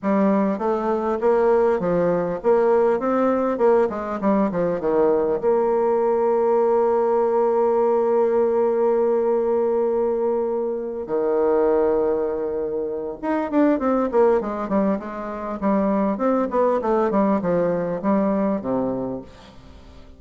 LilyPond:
\new Staff \with { instrumentName = "bassoon" } { \time 4/4 \tempo 4 = 100 g4 a4 ais4 f4 | ais4 c'4 ais8 gis8 g8 f8 | dis4 ais2.~ | ais1~ |
ais2~ ais8 dis4.~ | dis2 dis'8 d'8 c'8 ais8 | gis8 g8 gis4 g4 c'8 b8 | a8 g8 f4 g4 c4 | }